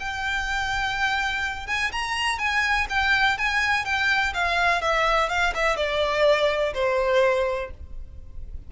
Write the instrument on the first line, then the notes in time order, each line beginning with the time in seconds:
violin
0.00 G5
1.67 G#5
1.92 A#5
2.39 G#5
2.89 G5
3.38 G#5
3.85 G5
4.34 F5
4.82 E5
5.29 F5
5.55 E5
5.77 D5
6.74 C5